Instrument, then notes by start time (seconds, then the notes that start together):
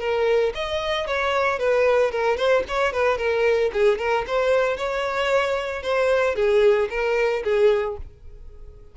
violin
0.00 A#4
0.55 D#5
1.07 C#5
1.59 B4
2.11 A#4
2.37 C5
2.68 C#5
2.92 B4
3.18 A#4
3.73 G#4
3.98 A#4
4.27 C5
4.77 C#5
5.83 C5
6.35 G#4
6.90 A#4
7.44 G#4